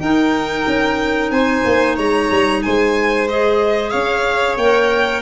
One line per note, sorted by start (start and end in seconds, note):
0.00 0.65 D#4
0.00 3.28 D#4
0.00 1.32 A#4
0.00 1.30 G5
0.67 1.30 C#4
1.30 1.63 C4
1.30 1.96 C5
1.30 1.96 G#5
1.65 1.97 A#3
1.96 2.30 G#3
1.96 2.61 C#5
1.96 2.62 A#5
2.31 2.63 G3
2.62 3.93 G#3
2.62 3.91 C5
2.62 3.28 G#5
3.29 4.59 G#4
3.29 3.90 D#5
3.90 4.57 C#4
3.90 5.21 C#5
3.90 4.55 F5
4.57 5.21 A#3
4.57 5.21 A#4
4.57 5.21 G5